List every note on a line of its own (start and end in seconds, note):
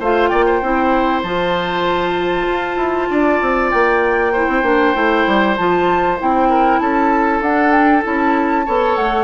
0.00 0.31 A3
0.00 0.63 F4
0.00 0.30 C5
0.00 0.28 F5
0.28 0.62 A#3
0.28 0.46 D5
0.28 1.21 G5
0.46 3.09 C5
0.62 1.23 C4
0.62 1.25 E4
1.23 2.47 F3
1.23 4.35 F4
1.23 3.71 A5
2.47 2.77 F4
2.77 3.08 E4
3.10 3.41 D4
3.10 4.33 D5
3.41 3.72 C4
3.71 4.48 A#3
3.71 5.56 G5
4.33 4.64 E4
4.33 6.49 C5
4.48 4.63 C4
4.63 4.94 A#3
4.63 4.95 D4
4.95 5.27 A3
4.95 5.57 E4
5.27 5.58 G3
5.57 6.20 F3
5.57 6.19 F4
5.57 6.19 A5
6.19 6.81 C4
6.19 7.43 E4
6.19 6.80 G5
6.50 6.81 A#4
6.80 7.41 C#4
6.80 8.66 A4
6.80 7.42 A5
7.41 8.03 D4
7.41 8.04 D4
7.41 7.72 F#5
7.72 8.03 G5
8.04 8.67 C#4
8.04 8.65 E4
8.04 8.96 A5
8.66 8.97 B3
8.66 9.24 A4
8.66 9.24 C#5
8.96 9.24 A3
8.96 9.24 F#5